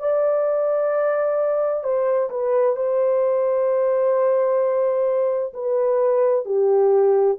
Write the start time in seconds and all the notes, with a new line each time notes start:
0.00 D5
1.84 C5
2.30 B4
2.77 C5
5.54 B4
6.46 G4